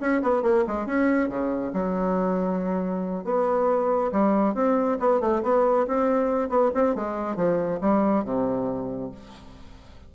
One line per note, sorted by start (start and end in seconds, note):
0.00 0.22 C#4
0.22 0.43 B3
0.43 0.64 A#3
0.67 0.87 G#3
0.87 1.29 C#4
1.29 1.72 C#3
1.74 3.25 F#3
3.25 4.11 B3
4.12 4.55 G3
4.55 4.98 C4
5.00 5.21 B3
5.21 5.42 A3
5.43 5.87 B3
5.88 6.49 C4
6.49 6.71 B3
6.75 6.95 C4
6.95 7.36 G#3
7.36 7.80 F3
7.81 8.24 G3
8.24 9.11 C3